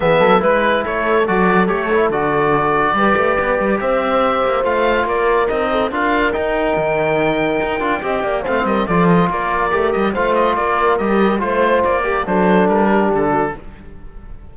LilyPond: <<
  \new Staff \with { instrumentName = "oboe" } { \time 4/4 \tempo 4 = 142 e''4 b'4 cis''4 d''4 | cis''4 d''2.~ | d''4 e''2 f''4 | d''4 dis''4 f''4 g''4~ |
g''1 | f''8 dis''8 d''8 dis''8 d''4. dis''8 | f''8 dis''8 d''4 dis''4 c''4 | d''4 c''4 ais'4 a'4 | }
  \new Staff \with { instrumentName = "horn" } { \time 4/4 gis'8 a'8 b'4 a'2~ | a'2. b'4~ | b'4 c''2. | ais'4. a'8 ais'2~ |
ais'2. dis''8 d''8 | c''8 ais'8 a'4 ais'2 | c''4 ais'2 c''4~ | c''8 ais'8 a'4. g'4 fis'8 | }
  \new Staff \with { instrumentName = "trombone" } { \time 4/4 b4 e'2 fis'4 | g'8 e'8 fis'2 g'4~ | g'2. f'4~ | f'4 dis'4 f'4 dis'4~ |
dis'2~ dis'8 f'8 g'4 | c'4 f'2 g'4 | f'2 g'4 f'4~ | f'8 g'8 d'2. | }
  \new Staff \with { instrumentName = "cello" } { \time 4/4 e8 fis8 gis4 a4 fis4 | a4 d2 g8 a8 | b8 g8 c'4. ais8 a4 | ais4 c'4 d'4 dis'4 |
dis2 dis'8 d'8 c'8 ais8 | a8 g8 f4 ais4 a8 g8 | a4 ais4 g4 a4 | ais4 fis4 g4 d4 | }
>>